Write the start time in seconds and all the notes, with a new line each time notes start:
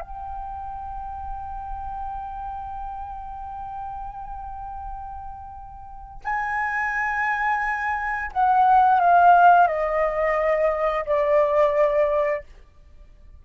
0.00 G5
6.24 G#5
8.32 F#5
9.00 F5
9.67 D#5
11.05 D5